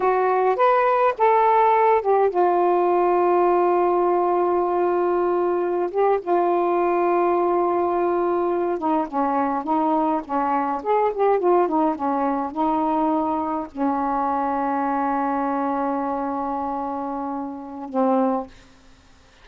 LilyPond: \new Staff \with { instrumentName = "saxophone" } { \time 4/4 \tempo 4 = 104 fis'4 b'4 a'4. g'8 | f'1~ | f'2~ f'16 g'8 f'4~ f'16~ | f'2.~ f'16 dis'8 cis'16~ |
cis'8. dis'4 cis'4 gis'8 g'8 f'16~ | f'16 dis'8 cis'4 dis'2 cis'16~ | cis'1~ | cis'2. c'4 | }